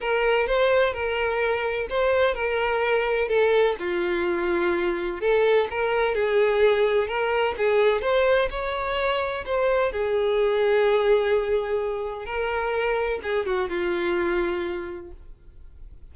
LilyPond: \new Staff \with { instrumentName = "violin" } { \time 4/4 \tempo 4 = 127 ais'4 c''4 ais'2 | c''4 ais'2 a'4 | f'2. a'4 | ais'4 gis'2 ais'4 |
gis'4 c''4 cis''2 | c''4 gis'2.~ | gis'2 ais'2 | gis'8 fis'8 f'2. | }